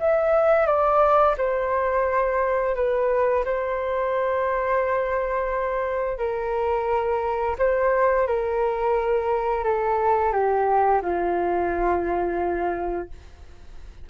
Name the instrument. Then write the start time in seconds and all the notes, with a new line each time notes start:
flute
0.00 E5
0.67 D5
1.38 C5
2.76 B4
3.45 C5
6.18 A#4
7.59 C5
8.28 A#4
9.65 A4
10.33 G4
11.03 F4